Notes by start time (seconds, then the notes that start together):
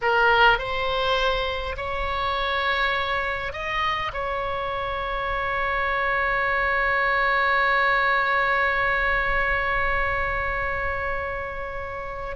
0.01 A#4
0.58 C5
1.76 C#5
3.52 D#5
4.13 C#5